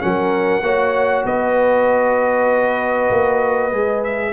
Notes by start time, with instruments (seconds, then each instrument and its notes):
0.00 tuba F#3, trombone C#4, horn A#4, trumpet F#5
0.61 tuba A#3, trombone F#4, horn C#5
1.25 tuba B3, horn B4, trumpet D#5
3.10 tuba A#3
3.71 tuba G#3, trombone G#4
4.04 trumpet E5